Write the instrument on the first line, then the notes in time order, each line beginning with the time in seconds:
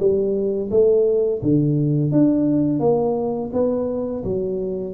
tuba
0.00 G3
0.71 A3
1.43 D3
2.12 D4
2.80 A#3
3.53 B3
4.24 F#3